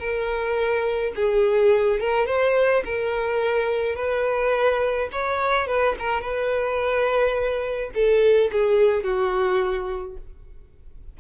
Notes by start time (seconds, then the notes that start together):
0.00 A#4
1.16 G#4
2.01 A#4
2.27 C5
2.85 A#4
3.96 B4
5.13 C#5
5.67 B4
6.00 A#4
6.22 B4
7.95 A4
8.53 G#4
9.04 F#4